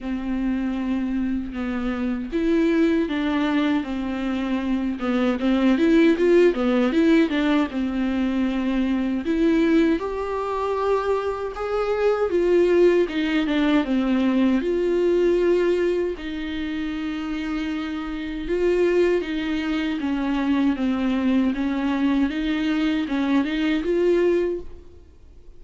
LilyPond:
\new Staff \with { instrumentName = "viola" } { \time 4/4 \tempo 4 = 78 c'2 b4 e'4 | d'4 c'4. b8 c'8 e'8 | f'8 b8 e'8 d'8 c'2 | e'4 g'2 gis'4 |
f'4 dis'8 d'8 c'4 f'4~ | f'4 dis'2. | f'4 dis'4 cis'4 c'4 | cis'4 dis'4 cis'8 dis'8 f'4 | }